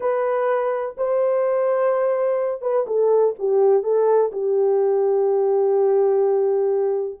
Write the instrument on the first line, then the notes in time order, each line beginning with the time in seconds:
horn
0.00 B4
0.97 C5
2.61 B4
2.87 A4
3.38 G4
3.83 A4
4.32 G4